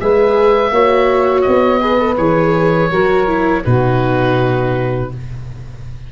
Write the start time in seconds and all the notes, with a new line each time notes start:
0.00 G#3 G#4 B4 E5
0.71 A#3 F#4 C#5
1.41 D#5
1.47 B3
1.80 G#4 B4
1.98 A4
2.17 E3 G#4 C#5
2.89 F#3 F#4 A#4
3.27 E4
3.64 B2 D#4 F#4 B4